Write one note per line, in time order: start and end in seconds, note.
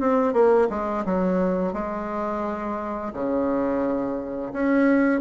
0.00 0.33 C4
0.33 0.68 A#3
0.70 1.05 G#3
1.06 1.73 F#3
1.73 3.13 G#3
3.13 4.53 C#3
4.53 5.21 C#4